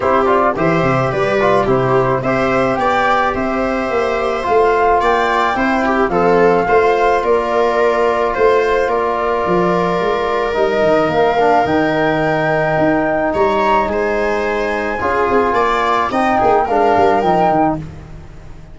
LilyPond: <<
  \new Staff \with { instrumentName = "flute" } { \time 4/4 \tempo 4 = 108 c''8 d''8 e''4 d''4 c''4 | e''4 g''4 e''2 | f''4 g''2 f''4~ | f''4 d''2 c''4 |
d''2. dis''4 | f''4 g''2. | ais''4 gis''2.~ | gis''4 g''4 f''4 g''4 | }
  \new Staff \with { instrumentName = "viola" } { \time 4/4 g'4 c''4 b'4 g'4 | c''4 d''4 c''2~ | c''4 d''4 c''8 g'8 a'4 | c''4 ais'2 c''4 |
ais'1~ | ais'1 | cis''4 c''2 gis'4 | d''4 dis''8 gis'8 ais'2 | }
  \new Staff \with { instrumentName = "trombone" } { \time 4/4 e'8 f'8 g'4. f'8 e'4 | g'1 | f'2 e'4 c'4 | f'1~ |
f'2. dis'4~ | dis'8 d'8 dis'2.~ | dis'2. f'4~ | f'4 dis'4 d'4 dis'4 | }
  \new Staff \with { instrumentName = "tuba" } { \time 4/4 c'4 e8 c8 g4 c4 | c'4 b4 c'4 ais4 | a4 ais4 c'4 f4 | a4 ais2 a4 |
ais4 f4 gis4 g8 dis8 | ais4 dis2 dis'4 | g4 gis2 cis'8 c'8 | ais4 c'8 ais8 gis8 g8 f8 dis8 | }
>>